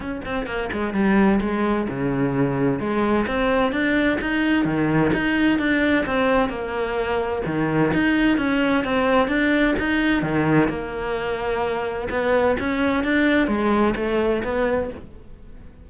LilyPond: \new Staff \with { instrumentName = "cello" } { \time 4/4 \tempo 4 = 129 cis'8 c'8 ais8 gis8 g4 gis4 | cis2 gis4 c'4 | d'4 dis'4 dis4 dis'4 | d'4 c'4 ais2 |
dis4 dis'4 cis'4 c'4 | d'4 dis'4 dis4 ais4~ | ais2 b4 cis'4 | d'4 gis4 a4 b4 | }